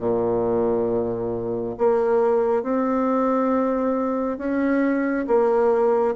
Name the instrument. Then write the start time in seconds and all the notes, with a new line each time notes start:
bassoon
0.00 A#2
1.78 A#3
2.63 C4
4.38 C#4
5.28 A#3